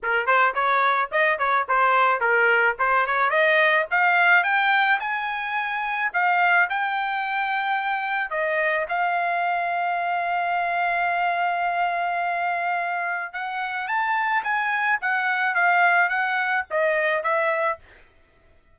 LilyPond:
\new Staff \with { instrumentName = "trumpet" } { \time 4/4 \tempo 4 = 108 ais'8 c''8 cis''4 dis''8 cis''8 c''4 | ais'4 c''8 cis''8 dis''4 f''4 | g''4 gis''2 f''4 | g''2. dis''4 |
f''1~ | f''1 | fis''4 a''4 gis''4 fis''4 | f''4 fis''4 dis''4 e''4 | }